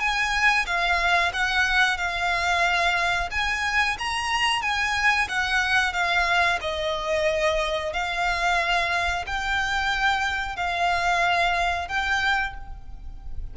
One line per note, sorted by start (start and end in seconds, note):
0.00 0.66 G#5
0.67 1.32 F5
1.33 1.98 F#5
1.98 3.30 F5
3.31 3.97 G#5
3.99 4.62 A#5
4.62 5.28 G#5
5.29 5.93 F#5
5.93 6.59 F5
6.61 7.93 D#5
7.94 9.25 F5
9.27 10.56 G5
10.56 11.88 F5
11.88 12.54 G5